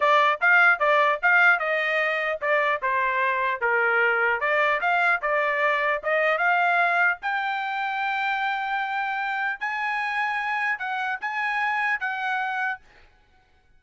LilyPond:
\new Staff \with { instrumentName = "trumpet" } { \time 4/4 \tempo 4 = 150 d''4 f''4 d''4 f''4 | dis''2 d''4 c''4~ | c''4 ais'2 d''4 | f''4 d''2 dis''4 |
f''2 g''2~ | g''1 | gis''2. fis''4 | gis''2 fis''2 | }